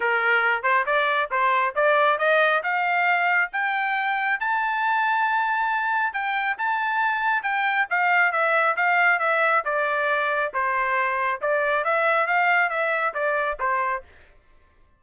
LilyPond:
\new Staff \with { instrumentName = "trumpet" } { \time 4/4 \tempo 4 = 137 ais'4. c''8 d''4 c''4 | d''4 dis''4 f''2 | g''2 a''2~ | a''2 g''4 a''4~ |
a''4 g''4 f''4 e''4 | f''4 e''4 d''2 | c''2 d''4 e''4 | f''4 e''4 d''4 c''4 | }